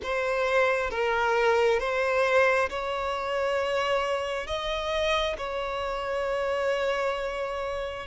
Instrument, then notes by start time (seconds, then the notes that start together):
violin
0.02 C5
0.90 A#4
1.79 C5
2.69 C#5
4.47 D#5
5.37 C#5